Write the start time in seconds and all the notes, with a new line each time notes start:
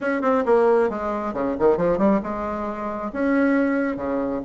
0.00 C#4
0.21 C4
0.45 A#3
0.89 G#3
1.33 C#3
1.59 D#3
1.77 F3
1.98 G3
2.22 G#3
3.12 C#4
3.96 C#3